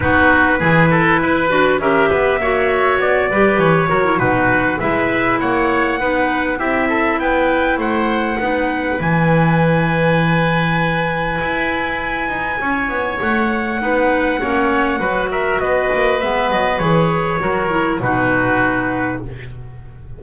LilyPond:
<<
  \new Staff \with { instrumentName = "trumpet" } { \time 4/4 \tempo 4 = 100 b'2. e''4~ | e''4 d''4 cis''4 b'4 | e''4 fis''2 e''4 | g''4 fis''2 gis''4~ |
gis''1~ | gis''2 fis''2~ | fis''4. e''8 dis''4 e''8 dis''8 | cis''2 b'2 | }
  \new Staff \with { instrumentName = "oboe" } { \time 4/4 fis'4 gis'8 a'8 b'4 ais'8 b'8 | cis''4. b'4 ais'8 fis'4 | b'4 cis''4 b'4 g'8 a'8 | b'4 c''4 b'2~ |
b'1~ | b'4 cis''2 b'4 | cis''4 b'8 ais'8 b'2~ | b'4 ais'4 fis'2 | }
  \new Staff \with { instrumentName = "clarinet" } { \time 4/4 dis'4 e'4. fis'8 g'4 | fis'4. g'4 fis'16 e'16 dis'4 | e'2 dis'4 e'4~ | e'2 dis'4 e'4~ |
e'1~ | e'2. dis'4 | cis'4 fis'2 b4 | gis'4 fis'8 e'8 dis'2 | }
  \new Staff \with { instrumentName = "double bass" } { \time 4/4 b4 e4 e'8 d'8 cis'8 b8 | ais4 b8 g8 e8 fis8 b,4 | gis4 ais4 b4 c'4 | b4 a4 b4 e4~ |
e2. e'4~ | e'8 dis'8 cis'8 b8 a4 b4 | ais4 fis4 b8 ais8 gis8 fis8 | e4 fis4 b,2 | }
>>